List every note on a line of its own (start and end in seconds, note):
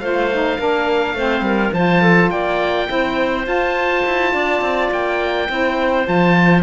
0.00 0.58 A3
0.00 0.31 F4
0.00 0.59 C5
0.00 1.73 F5
0.32 0.59 D#4
0.59 1.14 A#3
0.59 1.16 D4
0.59 1.16 A#4
1.14 1.41 A3
1.14 1.74 C4
1.14 1.45 C5
1.41 1.70 G3
1.41 1.74 A#4
1.73 2.31 F3
1.73 2.87 F4
1.73 2.02 C5
1.73 2.31 A5
2.02 2.31 A4
2.31 2.89 A#3
2.31 2.89 D5
2.31 3.46 G5
2.87 3.47 C4
2.87 3.45 E4
2.87 4.34 C5
3.45 5.47 F4
3.45 4.04 F4
3.45 4.92 A5
4.06 4.34 E4
4.34 4.62 D4
4.34 5.49 D5
4.62 4.90 C4
4.91 5.49 A#3
4.91 6.08 G5
5.49 6.07 C4
5.49 6.05 E4
5.49 6.63 C5
6.05 6.63 F3
6.05 6.63 F4
6.05 6.63 A5